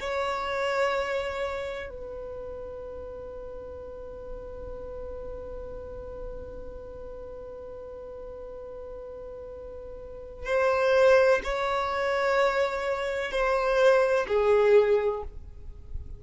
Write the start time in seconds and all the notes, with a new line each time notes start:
0.00 C#5
1.90 B4
10.46 C5
11.44 C#5
13.32 C5
14.28 G#4